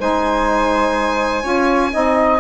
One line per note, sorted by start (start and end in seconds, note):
0.00 1.44 G#3
0.00 1.43 D#4
0.00 1.43 C5
0.00 2.40 G#5
1.43 1.92 C#4
1.43 1.91 F4
1.43 1.91 C#5
1.92 2.40 C4
1.92 2.40 D#4
1.92 2.40 D#5